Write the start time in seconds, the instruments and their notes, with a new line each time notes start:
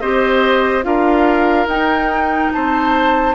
0.00 bassoon C4, clarinet G4, oboe C5, flute D#5
0.82 bassoon D4, clarinet F4, oboe A#4, flute F5
1.66 bassoon D#4, clarinet D#4, flute G5
2.52 bassoon C4, oboe C5, flute A5